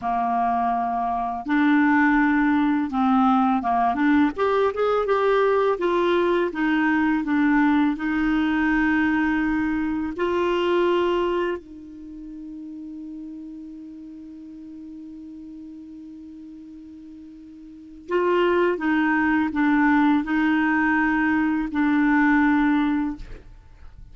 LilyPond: \new Staff \with { instrumentName = "clarinet" } { \time 4/4 \tempo 4 = 83 ais2 d'2 | c'4 ais8 d'8 g'8 gis'8 g'4 | f'4 dis'4 d'4 dis'4~ | dis'2 f'2 |
dis'1~ | dis'1~ | dis'4 f'4 dis'4 d'4 | dis'2 d'2 | }